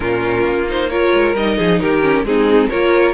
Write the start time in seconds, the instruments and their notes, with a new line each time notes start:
0.00 cello A#2, viola C#4, violin F4 A#4
0.44 cello A#3
0.68 viola D#4, violin C5
0.90 viola F4, violin A#4 C#5
1.13 cello G#3
1.35 cello G3, viola D#4, violin D#5
1.57 cello F3, violin G#4
1.80 cello D#3, violin G4 A#4
2.01 viola C#4
2.23 cello G#3, viola C4, violin D#4 G#4
2.69 cello A#3, viola F4, violin A#4 C#5